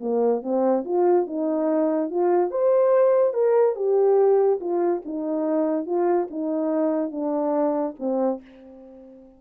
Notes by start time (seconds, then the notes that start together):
0.00 A#3
0.42 C4
0.84 F4
1.27 D#4
2.10 F4
2.51 C5
3.33 A#4
3.75 G4
4.60 F4
5.05 D#4
5.86 F4
6.30 D#4
7.11 D4
7.99 C4